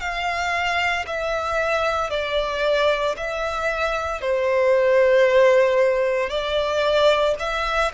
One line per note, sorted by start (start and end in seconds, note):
0.00 1.05 F5
1.06 2.10 E5
2.10 3.15 D5
3.16 4.21 E5
4.21 6.29 C5
6.29 7.34 D5
7.39 7.91 E5